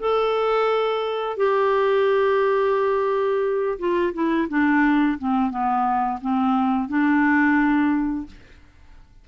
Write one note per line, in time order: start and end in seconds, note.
0.00 1.37 A4
1.37 3.79 G4
3.79 4.13 F4
4.14 4.48 E4
4.49 5.18 D4
5.19 5.51 C4
5.51 6.20 B3
6.21 6.89 C4
6.89 8.27 D4